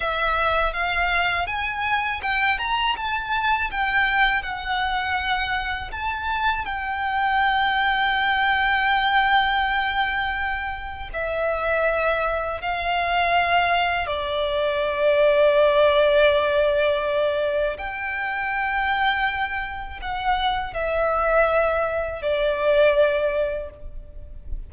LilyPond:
\new Staff \with { instrumentName = "violin" } { \time 4/4 \tempo 4 = 81 e''4 f''4 gis''4 g''8 ais''8 | a''4 g''4 fis''2 | a''4 g''2.~ | g''2. e''4~ |
e''4 f''2 d''4~ | d''1 | g''2. fis''4 | e''2 d''2 | }